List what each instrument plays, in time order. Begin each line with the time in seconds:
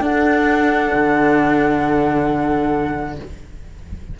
0.00 cello D4, horn A4, flute F#5
0.94 cello D3